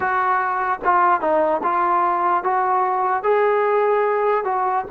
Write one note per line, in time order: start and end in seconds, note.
0.00 0.79 F#4
0.84 1.21 F4
1.21 1.61 D#4
1.63 2.43 F4
2.43 3.23 F#4
3.23 4.44 G#4
4.44 4.85 F#4